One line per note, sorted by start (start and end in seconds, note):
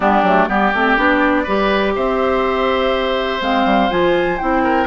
0.00 0.22 G3
0.00 0.24 B3
0.00 0.48 D4
0.00 0.46 G4
0.22 0.47 F#3
0.22 0.47 A3
0.46 0.72 G3
0.46 0.72 B3
0.46 1.43 G4
0.46 1.92 D5
0.73 0.97 A3
0.73 0.97 C4
0.97 1.46 B3
0.97 1.46 D4
1.43 1.95 G3
1.43 3.41 G4
1.43 1.92 B4
1.95 3.41 C4
1.95 4.63 C5
1.95 3.41 E5
3.41 3.65 G#3
3.41 3.90 C4
3.41 3.90 F5
3.65 3.89 G3
3.90 4.39 F3
3.90 4.39 F4
3.90 4.38 G#5
4.38 4.86 C4
4.38 4.86 E4
4.38 4.86 G5
4.63 4.86 A#4